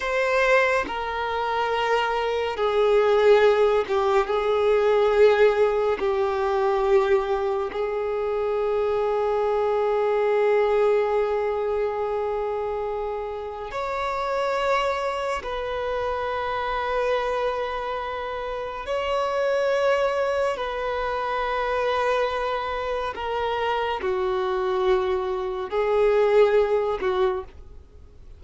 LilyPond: \new Staff \with { instrumentName = "violin" } { \time 4/4 \tempo 4 = 70 c''4 ais'2 gis'4~ | gis'8 g'8 gis'2 g'4~ | g'4 gis'2.~ | gis'1 |
cis''2 b'2~ | b'2 cis''2 | b'2. ais'4 | fis'2 gis'4. fis'8 | }